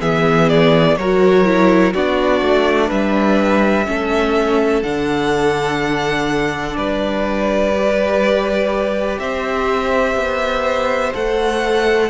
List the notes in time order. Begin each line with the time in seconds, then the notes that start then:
0.00 E3 B3 G#4 E5
0.48 D5
0.96 F#3 F#4 A#4 C#5
1.44 E4
1.93 B3 D4 F#4 D5
2.41 A3
2.87 G3 B4 E5
3.86 A3 C#4 A4
4.82 D3 D4 F#5
6.76 G3 B4 D5
7.75 G4
9.19 C4 C5 E5
10.15 B3
11.13 A3 A4 F#5